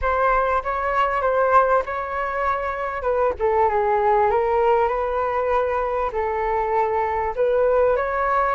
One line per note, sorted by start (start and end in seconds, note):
0.01 0.62 C5
0.63 1.21 C#5
1.21 1.83 C5
1.85 3.02 C#5
3.02 3.33 B4
3.39 3.69 A4
3.69 4.30 G#4
4.30 4.88 A#4
4.88 6.10 B4
6.12 7.34 A4
7.35 7.96 B4
7.96 8.55 C#5